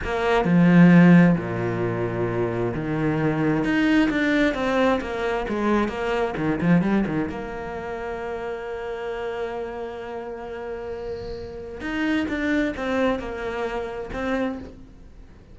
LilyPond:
\new Staff \with { instrumentName = "cello" } { \time 4/4 \tempo 4 = 132 ais4 f2 ais,4~ | ais,2 dis2 | dis'4 d'4 c'4 ais4 | gis4 ais4 dis8 f8 g8 dis8 |
ais1~ | ais1~ | ais2 dis'4 d'4 | c'4 ais2 c'4 | }